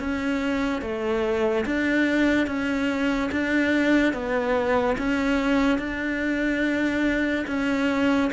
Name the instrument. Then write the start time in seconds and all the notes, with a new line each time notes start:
cello
0.00 C#4
0.82 A3
1.66 D4
2.47 C#4
3.32 D4
4.14 B3
4.98 C#4
5.79 D4
7.48 C#4